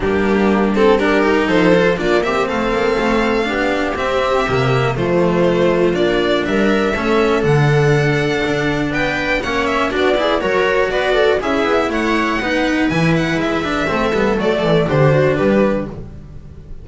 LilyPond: <<
  \new Staff \with { instrumentName = "violin" } { \time 4/4 \tempo 4 = 121 g'4. a'8 ais'4 c''4 | d''8 e''8 f''2. | e''2 c''2 | d''4 e''2 fis''4~ |
fis''2 g''4 fis''8 e''8 | d''4 cis''4 d''4 e''4 | fis''2 gis''8 fis''8 e''4~ | e''4 d''4 c''4 b'4 | }
  \new Staff \with { instrumentName = "viola" } { \time 4/4 d'2 g'4 a'4 | f'8 g'8 a'2 g'4~ | g'2 f'2~ | f'4 ais'4 a'2~ |
a'2 b'4 cis''4 | fis'8 gis'8 ais'4 b'8 a'8 gis'4 | cis''4 b'2. | a'2 g'8 fis'8 g'4 | }
  \new Staff \with { instrumentName = "cello" } { \time 4/4 ais4. c'8 d'8 dis'4 f'8 | d'8 c'2~ c'8 d'4 | c'4 ais4 a2 | d'2 cis'4 d'4~ |
d'2. cis'4 | d'8 e'8 fis'2 e'4~ | e'4 dis'4 e'4. d'8 | c'8 b8 a4 d'2 | }
  \new Staff \with { instrumentName = "double bass" } { \time 4/4 g2. f4 | ais4 a8 ais8 a4 b4 | c'4 c4 f2 | ais4 g4 a4 d4~ |
d4 d'4 b4 ais4 | b4 fis4 b4 cis'8 b8 | a4 b4 e4 gis4 | a8 g8 fis8 e8 d4 g4 | }
>>